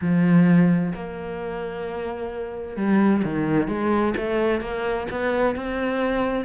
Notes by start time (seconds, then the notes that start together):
0.01 F3
0.94 A#3
2.76 G3
3.24 D#3
3.68 G#3
4.16 A3
4.60 A#3
5.10 B3
5.55 C4